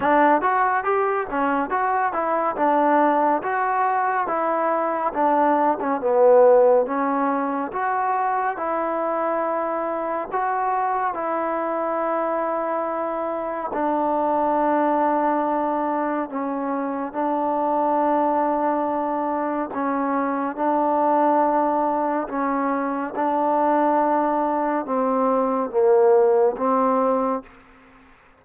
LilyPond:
\new Staff \with { instrumentName = "trombone" } { \time 4/4 \tempo 4 = 70 d'8 fis'8 g'8 cis'8 fis'8 e'8 d'4 | fis'4 e'4 d'8. cis'16 b4 | cis'4 fis'4 e'2 | fis'4 e'2. |
d'2. cis'4 | d'2. cis'4 | d'2 cis'4 d'4~ | d'4 c'4 ais4 c'4 | }